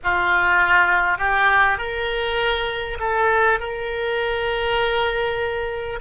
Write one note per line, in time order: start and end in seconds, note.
0.03 1.18 F4
1.18 1.78 G4
1.78 2.98 A#4
2.99 3.59 A4
3.59 5.99 A#4